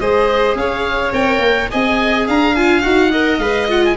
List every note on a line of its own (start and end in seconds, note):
0.00 0.55 G#3
0.00 1.13 G#4
0.00 0.57 C5
0.00 0.57 D#5
0.55 1.12 C#4
0.55 1.71 C#5
0.55 1.13 F5
1.12 1.39 C4
1.12 1.69 A#4
1.12 1.70 G5
1.39 1.67 A#3
1.71 2.29 C4
1.71 2.56 G#4
1.71 2.27 D#5
1.71 2.28 G#5
2.27 2.85 D4
2.27 3.12 F5
2.27 2.56 A#5
2.56 2.82 F4
2.56 2.82 G#5
2.82 3.38 D#4
2.82 3.10 F#4
2.82 3.39 F#5
3.12 3.42 A#4
3.12 3.96 D#5
3.38 3.95 G#3
3.38 3.68 B4
3.38 3.67 F5
3.68 3.97 F4
3.68 3.85 F#5
3.85 3.97 G#5